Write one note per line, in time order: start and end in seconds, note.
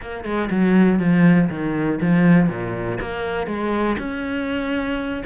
0.01 0.24 A#3
0.24 0.49 G#3
0.50 0.99 F#3
0.99 1.49 F3
1.49 1.99 D#3
2.01 2.49 F3
2.49 2.99 A#2
3.00 3.46 A#3
3.46 3.96 G#3
3.98 5.23 C#4